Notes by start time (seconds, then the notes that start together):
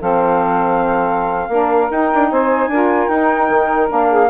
0.00 F3 C4 A4 F5
1.49 A#3 D4 A#4
1.91 D#4 G5
2.15 D4
2.31 C4 C5 G#5
2.68 D4 F4 A#4
3.08 D#4 G5
3.50 D#3
3.89 A#3 D4 F5
4.10 G#4